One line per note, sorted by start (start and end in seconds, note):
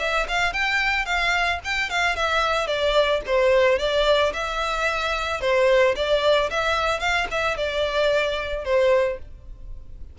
0.00 0.27 E5
0.29 0.54 F5
0.54 1.06 G5
1.06 1.60 F5
1.65 1.90 G5
1.90 2.16 F5
2.16 2.68 E5
2.68 3.22 D5
3.27 3.79 C5
3.79 4.33 D5
4.34 5.41 E5
5.41 5.95 C5
5.96 6.50 D5
6.51 7.00 E5
7.00 7.28 F5
7.31 7.57 E5
7.57 8.65 D5
8.65 9.19 C5